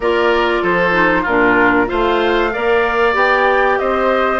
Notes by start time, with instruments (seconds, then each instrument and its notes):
0.00 bassoon A#3, clarinet F4, oboe A#4, flute D5
0.62 bassoon F3, oboe A4, flute C5
0.92 clarinet D#4
1.22 bassoon A#2, oboe F4, flute A#4
1.29 clarinet D4
1.87 bassoon A3, clarinet F4, oboe C5, flute F5
2.52 bassoon A#3, clarinet A#4, oboe D5
3.13 bassoon B3, clarinet G4, flute G5
3.78 bassoon C4, oboe C5, flute D#5